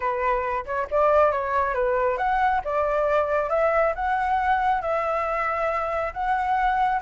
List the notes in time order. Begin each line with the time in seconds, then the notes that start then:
0.00 B4
0.65 C#5
0.91 D5
1.31 C#5
1.74 B4
2.17 F#5
2.64 D5
3.49 E5
3.95 F#5
4.81 E5
6.13 F#5